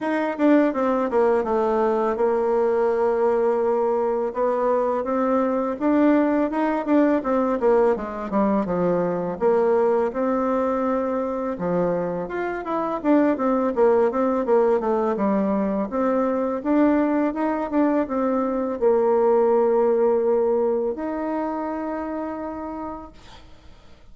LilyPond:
\new Staff \with { instrumentName = "bassoon" } { \time 4/4 \tempo 4 = 83 dis'8 d'8 c'8 ais8 a4 ais4~ | ais2 b4 c'4 | d'4 dis'8 d'8 c'8 ais8 gis8 g8 | f4 ais4 c'2 |
f4 f'8 e'8 d'8 c'8 ais8 c'8 | ais8 a8 g4 c'4 d'4 | dis'8 d'8 c'4 ais2~ | ais4 dis'2. | }